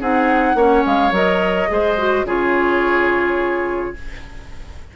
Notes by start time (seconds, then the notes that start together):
0.00 C4 D#4 G#4 F#5
0.55 A#3 C#4 C#5
0.85 G#3 F5
1.11 F#3 A#4 D#5
1.68 G#3 G#4 C5
1.98 F#4
2.24 C#3 F4 G#4 C#5